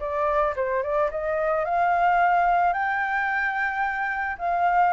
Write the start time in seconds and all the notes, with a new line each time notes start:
0.00 D5
0.56 C5
0.83 D5
1.11 D#5
1.65 F5
2.73 G5
4.39 F5